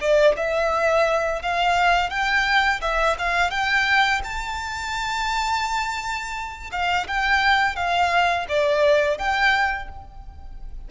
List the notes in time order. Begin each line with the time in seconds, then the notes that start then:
0.00 D5
0.37 E5
1.42 F5
2.10 G5
2.81 E5
3.18 F5
3.50 G5
4.23 A5
6.72 F5
7.07 G5
7.76 F5
8.48 D5
9.18 G5